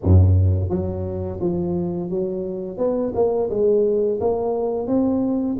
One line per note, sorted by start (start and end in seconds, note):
0.03 0.69 F#2
0.69 1.39 F#3
1.40 2.09 F3
2.09 2.77 F#3
2.77 3.12 B3
3.14 3.49 A#3
3.49 4.19 G#3
4.20 4.87 A#3
4.87 5.57 C4